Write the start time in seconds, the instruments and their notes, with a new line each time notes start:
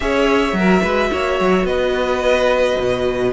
0.00 cello C#4, viola G#4, violin C#5 E5
0.52 cello F#3, viola F#4, violin A#4
0.82 cello G#3, violin B4
1.12 cello A#3, violin C#5
1.40 cello F#3
1.63 cello B3, violin B4 D#5
2.79 cello B2